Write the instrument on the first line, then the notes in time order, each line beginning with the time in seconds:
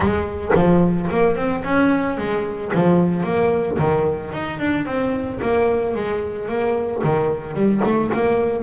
double bass
0.00 G#3
0.55 F3
1.10 A#3
1.36 C4
1.63 C#4
2.17 G#3
2.73 F3
3.23 A#3
3.78 D#3
4.32 D#4
4.59 D4
4.85 C4
5.41 A#3
5.95 G#3
6.48 A#3
7.03 D#3
7.54 G3
7.84 A3
8.13 A#3